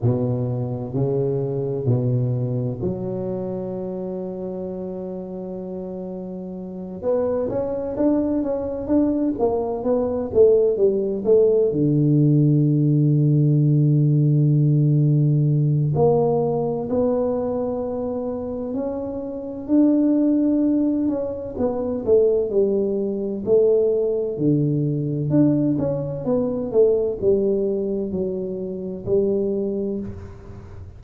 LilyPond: \new Staff \with { instrumentName = "tuba" } { \time 4/4 \tempo 4 = 64 b,4 cis4 b,4 fis4~ | fis2.~ fis8 b8 | cis'8 d'8 cis'8 d'8 ais8 b8 a8 g8 | a8 d2.~ d8~ |
d4 ais4 b2 | cis'4 d'4. cis'8 b8 a8 | g4 a4 d4 d'8 cis'8 | b8 a8 g4 fis4 g4 | }